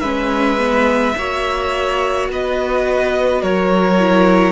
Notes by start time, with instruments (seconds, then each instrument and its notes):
0.00 cello G#3, viola C#4, violin B4 E5
0.58 viola B3
1.17 cello A#3, viola F#4, violin C#5
2.29 cello B3, violin B4 D#5
3.42 cello F#3, violin A#4 C#5
3.99 viola E4